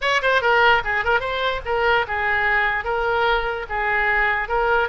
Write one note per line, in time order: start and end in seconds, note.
0.01 0.21 C#5
0.22 0.41 C5
0.41 0.82 A#4
0.84 1.04 G#4
1.04 1.20 A#4
1.20 1.60 C5
1.65 2.06 A#4
2.07 2.84 G#4
2.84 3.66 A#4
3.69 4.48 G#4
4.48 4.88 A#4